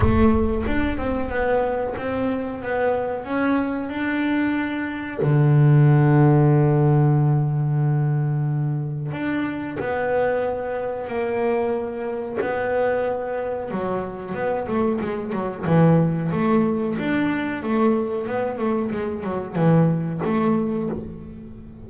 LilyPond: \new Staff \with { instrumentName = "double bass" } { \time 4/4 \tempo 4 = 92 a4 d'8 c'8 b4 c'4 | b4 cis'4 d'2 | d1~ | d2 d'4 b4~ |
b4 ais2 b4~ | b4 fis4 b8 a8 gis8 fis8 | e4 a4 d'4 a4 | b8 a8 gis8 fis8 e4 a4 | }